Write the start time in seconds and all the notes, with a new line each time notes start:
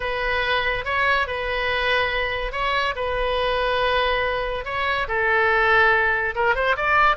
0.00 B4
0.85 C#5
1.27 B4
2.52 C#5
2.95 B4
4.64 C#5
5.08 A4
6.35 A#4
6.55 C5
6.76 D5